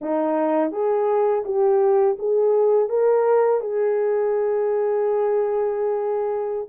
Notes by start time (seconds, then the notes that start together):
0.01 D#4
0.71 G#4
1.45 G4
2.18 G#4
2.89 A#4
3.60 G#4